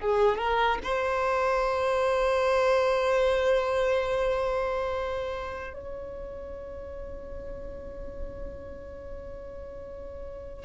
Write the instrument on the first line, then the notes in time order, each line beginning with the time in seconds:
violin
0.00 G#4
0.38 A#4
0.84 C5
5.73 C#5